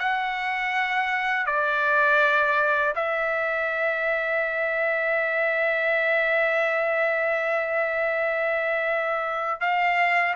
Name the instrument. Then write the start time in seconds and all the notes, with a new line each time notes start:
trumpet
0.00 F#5
1.46 D5
2.96 E5
9.61 F5